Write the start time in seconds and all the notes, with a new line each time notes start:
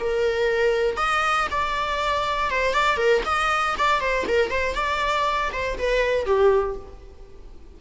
0.00 A#4
0.97 D#5
1.51 D5
2.50 C5
2.74 D5
2.97 A#4
3.25 D#5
3.78 D5
4.01 C5
4.28 A#4
4.50 C5
4.75 D5
5.52 C5
5.78 B4
6.26 G4